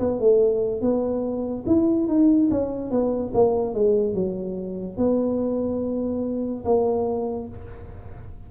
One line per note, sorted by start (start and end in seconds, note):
0.00 0.20 B3
0.20 0.81 A3
0.81 1.64 B3
1.67 2.08 E4
2.08 2.49 D#4
2.51 2.91 C#4
2.91 3.33 B3
3.34 3.74 A#3
3.74 4.14 G#3
4.14 4.97 F#3
4.97 6.64 B3
6.65 7.48 A#3